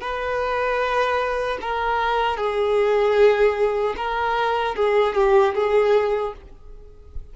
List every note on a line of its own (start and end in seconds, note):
0.00 1.58 B4
1.61 2.36 A#4
2.36 3.94 G#4
3.96 4.75 A#4
4.75 5.15 G#4
5.15 5.54 G4
5.54 6.33 G#4